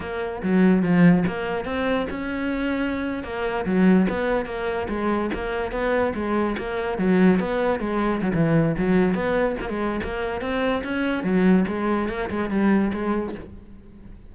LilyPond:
\new Staff \with { instrumentName = "cello" } { \time 4/4 \tempo 4 = 144 ais4 fis4 f4 ais4 | c'4 cis'2~ cis'8. ais16~ | ais8. fis4 b4 ais4 gis16~ | gis8. ais4 b4 gis4 ais16~ |
ais8. fis4 b4 gis4 fis16 | e4 fis4 b4 ais16 gis8. | ais4 c'4 cis'4 fis4 | gis4 ais8 gis8 g4 gis4 | }